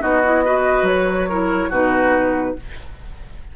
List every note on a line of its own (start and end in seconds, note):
0.00 0.82 B3
0.00 0.21 D#4
0.00 0.44 F#4
0.00 0.87 D#5
0.24 0.45 E4
0.45 1.29 F#4
0.45 1.29 B4
0.82 1.67 F#3
0.82 1.72 C#5
1.29 1.71 E4
1.29 1.69 A#4
1.69 2.55 B2
1.69 2.56 D#4
1.69 2.54 F#4
1.69 2.56 B4